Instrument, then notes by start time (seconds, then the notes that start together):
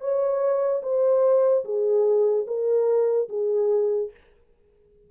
horn
0.00 C#5
0.83 C5
1.64 G#4
2.47 A#4
3.29 G#4